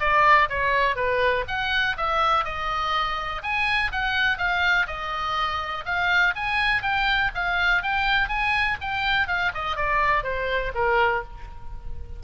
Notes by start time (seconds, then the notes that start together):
0.00 D5
0.49 C#5
0.96 B4
1.48 F#5
1.97 E5
2.45 D#5
3.43 G#5
3.92 F#5
4.38 F5
4.87 D#5
5.86 F5
6.35 G#5
6.82 G5
7.35 F5
7.83 G5
8.29 G#5
8.81 G5
9.27 F5
9.54 D#5
9.76 D5
10.23 C5
10.75 A#4